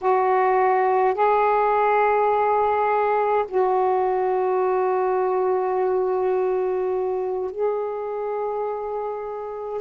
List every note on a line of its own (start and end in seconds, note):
0.01 1.14 F#4
1.14 3.45 G#4
3.48 7.51 F#4
7.51 9.81 G#4